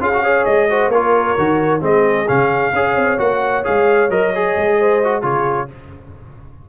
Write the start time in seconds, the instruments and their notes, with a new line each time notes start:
0.00 tuba C#4, trombone F4, horn G#4, trumpet F5
0.14 trombone F#4
0.23 trombone G#4, horn C#5
0.45 tuba G#3, trumpet D#5
0.70 trombone F#4, horn C5
0.88 tuba A#3, trombone F4, horn A#4, trumpet C#5
1.38 tuba D#3, trombone F#4
1.81 tuba G#3, trombone C4, horn G#4, trumpet D#5
2.28 tuba C#3, trombone C#4, trumpet F5
2.73 tuba C#4, trombone G#4, horn C#5
2.95 tuba C4
3.18 tuba A#3, trombone F#4, trumpet F#5
3.64 tuba G#3, trombone G#4, trumpet F5
4.10 tuba F#3, trombone A#4, trumpet D#5
4.35 trombone G#4
4.56 tuba G#3
4.79 horn C5
5.04 trombone F#4
5.22 tuba C#3, trombone F4, horn G#4, trumpet C#5